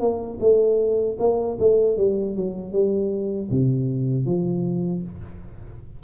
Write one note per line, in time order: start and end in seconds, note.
0.00 0.38 A#3
0.41 1.17 A3
1.19 1.58 A#3
1.59 1.98 A3
1.98 2.36 G3
2.36 2.72 F#3
2.72 3.49 G3
3.51 4.26 C3
4.26 5.02 F3